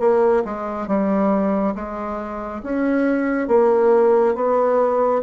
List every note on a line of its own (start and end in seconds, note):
0.00 0.43 A#3
0.45 0.88 G#3
0.88 1.75 G3
1.75 2.62 G#3
2.63 3.48 C#4
3.48 4.35 A#3
4.35 5.22 B3